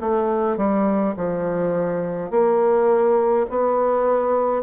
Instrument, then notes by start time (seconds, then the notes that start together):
bassoon
0.00 A3
0.57 G3
1.16 F3
2.31 A#3
3.50 B3